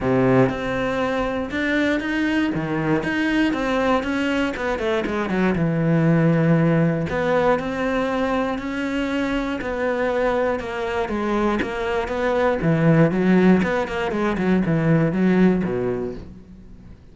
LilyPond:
\new Staff \with { instrumentName = "cello" } { \time 4/4 \tempo 4 = 119 c4 c'2 d'4 | dis'4 dis4 dis'4 c'4 | cis'4 b8 a8 gis8 fis8 e4~ | e2 b4 c'4~ |
c'4 cis'2 b4~ | b4 ais4 gis4 ais4 | b4 e4 fis4 b8 ais8 | gis8 fis8 e4 fis4 b,4 | }